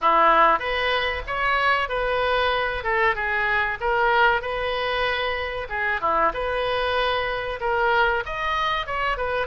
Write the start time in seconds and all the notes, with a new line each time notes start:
0.01 E4
0.59 B4
1.26 C#5
1.88 B4
2.83 A4
3.15 G#4
3.80 A#4
4.41 B4
5.69 G#4
6.00 E4
6.33 B4
7.60 A#4
8.25 D#5
8.86 C#5
9.17 B4